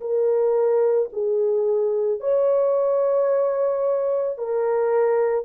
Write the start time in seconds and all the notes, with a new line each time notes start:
0.00 A#4
1.12 G#4
2.20 C#5
4.37 A#4